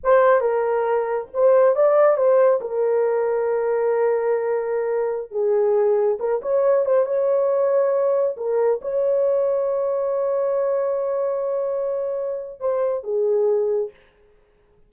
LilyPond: \new Staff \with { instrumentName = "horn" } { \time 4/4 \tempo 4 = 138 c''4 ais'2 c''4 | d''4 c''4 ais'2~ | ais'1~ | ais'16 gis'2 ais'8 cis''4 c''16~ |
c''16 cis''2. ais'8.~ | ais'16 cis''2.~ cis''8.~ | cis''1~ | cis''4 c''4 gis'2 | }